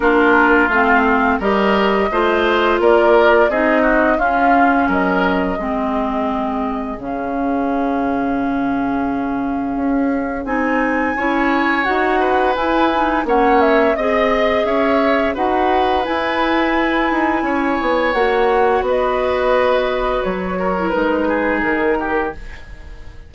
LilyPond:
<<
  \new Staff \with { instrumentName = "flute" } { \time 4/4 \tempo 4 = 86 ais'4 f''4 dis''2 | d''4 dis''4 f''4 dis''4~ | dis''2 f''2~ | f''2. gis''4~ |
gis''4 fis''4 gis''4 fis''8 e''8 | dis''4 e''4 fis''4 gis''4~ | gis''2 fis''4 dis''4~ | dis''4 cis''4 b'4 ais'4 | }
  \new Staff \with { instrumentName = "oboe" } { \time 4/4 f'2 ais'4 c''4 | ais'4 gis'8 fis'8 f'4 ais'4 | gis'1~ | gis'1 |
cis''4. b'4. cis''4 | dis''4 cis''4 b'2~ | b'4 cis''2 b'4~ | b'4. ais'4 gis'4 g'8 | }
  \new Staff \with { instrumentName = "clarinet" } { \time 4/4 d'4 c'4 g'4 f'4~ | f'4 dis'4 cis'2 | c'2 cis'2~ | cis'2. dis'4 |
e'4 fis'4 e'8 dis'8 cis'4 | gis'2 fis'4 e'4~ | e'2 fis'2~ | fis'4.~ fis'16 e'16 dis'2 | }
  \new Staff \with { instrumentName = "bassoon" } { \time 4/4 ais4 a4 g4 a4 | ais4 c'4 cis'4 fis4 | gis2 cis2~ | cis2 cis'4 c'4 |
cis'4 dis'4 e'4 ais4 | c'4 cis'4 dis'4 e'4~ | e'8 dis'8 cis'8 b8 ais4 b4~ | b4 fis4 gis4 dis4 | }
>>